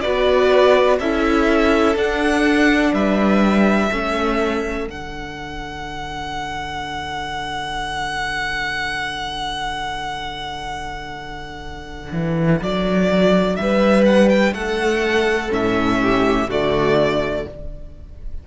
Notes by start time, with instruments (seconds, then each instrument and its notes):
0.00 cello B3, viola F#4, violin B4 D5
0.98 cello C#4, viola E4, violin A4 E5
1.95 cello D4, viola D4, violin F#5
2.93 cello G3, violin B4 E5
3.90 cello A3, viola C#4, violin A4
4.87 cello D3, viola D4, violin F#5
12.12 cello E3
12.61 cello F#3, violin D5
13.56 cello G3, violin B4 E5
14.05 violin F#5
14.29 violin G5
14.53 cello A3, violin A4 F#5
15.50 cello A2, viola C#4, violin E5
16.01 violin G4
16.48 cello D3, viola A3, violin F#4 D5